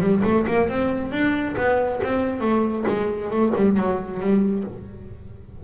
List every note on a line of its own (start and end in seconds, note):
0.00 0.22 G3
0.24 0.46 A3
0.47 0.68 A#3
0.68 1.11 C4
1.11 1.55 D4
1.57 2.00 B3
2.03 2.40 C4
2.40 2.84 A3
2.87 3.30 G#3
3.30 3.52 A3
3.55 3.77 G3
3.77 4.20 F#3
4.20 4.63 G3